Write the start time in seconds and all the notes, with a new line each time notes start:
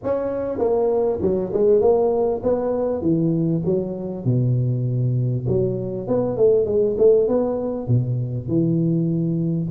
0.03 C#4
0.58 A#3
1.21 F#3
1.53 G#3
1.80 A#3
2.43 B3
3.01 E3
3.65 F#3
4.24 B2
5.47 F#3
6.07 B3
6.36 A3
6.65 G#3
6.98 A3
7.28 B3
7.87 B2
8.47 E3